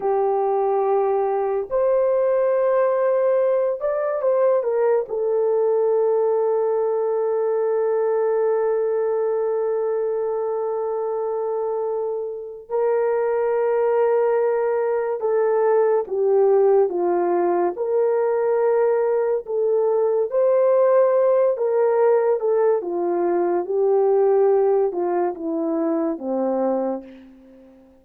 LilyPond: \new Staff \with { instrumentName = "horn" } { \time 4/4 \tempo 4 = 71 g'2 c''2~ | c''8 d''8 c''8 ais'8 a'2~ | a'1~ | a'2. ais'4~ |
ais'2 a'4 g'4 | f'4 ais'2 a'4 | c''4. ais'4 a'8 f'4 | g'4. f'8 e'4 c'4 | }